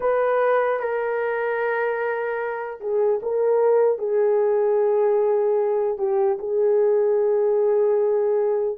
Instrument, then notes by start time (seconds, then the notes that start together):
horn
0.00 B4
0.79 A#4
2.80 G#4
3.22 A#4
3.98 G#4
5.98 G4
6.39 G#4